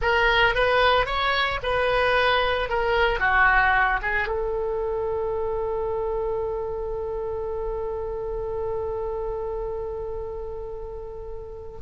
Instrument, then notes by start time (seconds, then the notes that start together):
oboe
0.01 A#4
0.55 B4
1.06 C#5
1.62 B4
2.69 A#4
3.19 F#4
4.02 G#4
4.27 A4